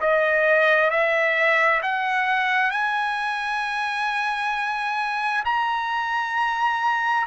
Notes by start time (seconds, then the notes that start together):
0.00 D#5
0.90 E5
1.82 F#5
2.71 G#5
5.45 A#5